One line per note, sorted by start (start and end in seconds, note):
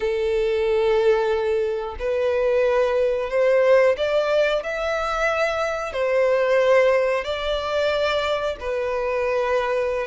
0.00 1.96 A4
1.99 3.30 B4
3.30 3.96 C5
3.97 4.63 D5
4.63 5.92 E5
5.92 7.24 C5
7.24 8.56 D5
8.60 10.07 B4